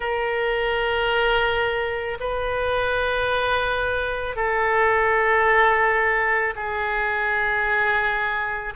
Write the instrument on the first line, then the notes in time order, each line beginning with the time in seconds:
oboe
0.00 A#4
2.20 B4
4.35 A4
6.55 G#4